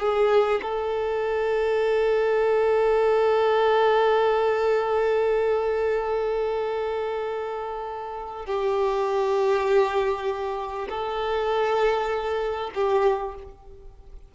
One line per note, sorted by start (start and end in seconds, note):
0.00 0.61 G#4
0.62 8.46 A4
8.46 10.88 G4
10.89 12.71 A4
12.74 13.35 G4